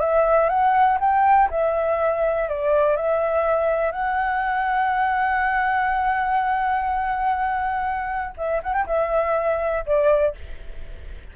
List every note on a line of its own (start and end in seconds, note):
0.00 0.49 E5
0.49 0.98 F#5
1.00 1.49 G5
1.50 2.49 E5
2.49 2.97 D5
2.97 3.92 E5
3.92 8.34 F#5
8.37 8.62 E5
8.64 8.73 F#5
8.73 8.86 G5
8.87 9.85 E5
9.86 10.35 D5